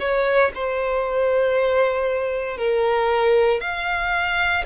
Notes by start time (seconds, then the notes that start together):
0.00 C#5
0.55 C5
2.58 A#4
3.61 F5